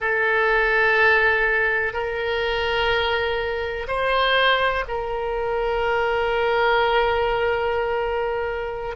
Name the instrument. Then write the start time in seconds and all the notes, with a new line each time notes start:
oboe
0.00 A4
1.93 A#4
3.87 C5
4.88 A#4